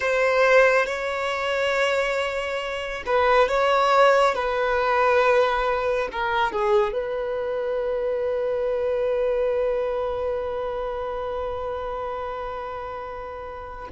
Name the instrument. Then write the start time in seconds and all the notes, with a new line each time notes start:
violin
0.00 C5
0.85 C#5
3.06 B4
3.48 C#5
4.34 B4
6.11 A#4
6.51 G#4
6.92 B4